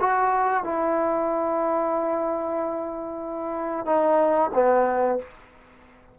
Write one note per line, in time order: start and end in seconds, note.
0.00 0.64 F#4
0.64 3.86 E4
3.86 4.50 D#4
4.54 5.18 B3